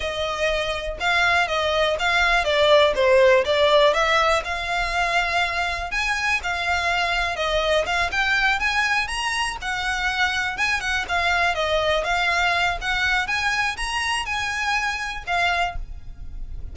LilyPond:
\new Staff \with { instrumentName = "violin" } { \time 4/4 \tempo 4 = 122 dis''2 f''4 dis''4 | f''4 d''4 c''4 d''4 | e''4 f''2. | gis''4 f''2 dis''4 |
f''8 g''4 gis''4 ais''4 fis''8~ | fis''4. gis''8 fis''8 f''4 dis''8~ | dis''8 f''4. fis''4 gis''4 | ais''4 gis''2 f''4 | }